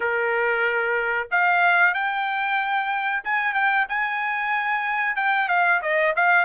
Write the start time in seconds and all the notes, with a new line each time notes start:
0.00 A#4
1.31 F5
1.94 G5
3.23 G#5
3.54 G5
3.88 G#5
5.16 G5
5.48 F5
5.82 D#5
6.16 F5